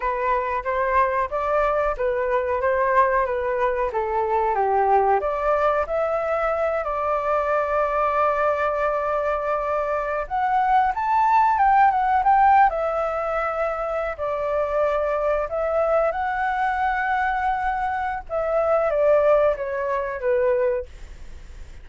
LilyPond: \new Staff \with { instrumentName = "flute" } { \time 4/4 \tempo 4 = 92 b'4 c''4 d''4 b'4 | c''4 b'4 a'4 g'4 | d''4 e''4. d''4.~ | d''2.~ d''8. fis''16~ |
fis''8. a''4 g''8 fis''8 g''8. e''8~ | e''4.~ e''16 d''2 e''16~ | e''8. fis''2.~ fis''16 | e''4 d''4 cis''4 b'4 | }